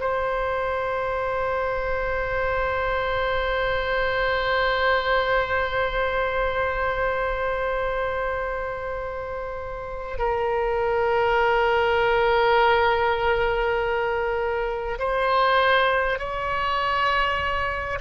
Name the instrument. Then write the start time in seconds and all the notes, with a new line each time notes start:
oboe
0.00 C5
10.18 A#4
14.98 C5
16.19 C#5